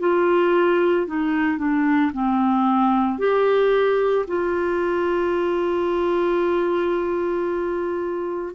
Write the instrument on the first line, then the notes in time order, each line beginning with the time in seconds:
clarinet
0.00 F4
1.08 D#4
1.58 D4
2.13 C4
3.19 G4
4.28 F4